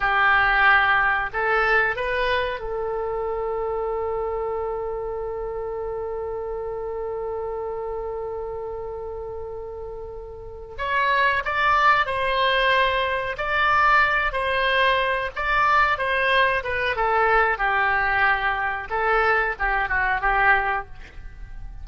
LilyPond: \new Staff \with { instrumentName = "oboe" } { \time 4/4 \tempo 4 = 92 g'2 a'4 b'4 | a'1~ | a'1~ | a'1~ |
a'8 cis''4 d''4 c''4.~ | c''8 d''4. c''4. d''8~ | d''8 c''4 b'8 a'4 g'4~ | g'4 a'4 g'8 fis'8 g'4 | }